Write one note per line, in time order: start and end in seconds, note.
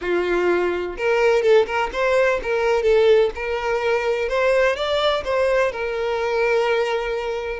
0.01 0.96 F4
0.97 1.42 A#4
1.42 1.66 A4
1.66 1.90 A#4
1.92 2.40 C5
2.42 2.82 A#4
2.82 3.30 A4
3.35 4.28 A#4
4.28 4.76 C5
4.76 5.23 D5
5.24 5.72 C5
5.72 7.60 A#4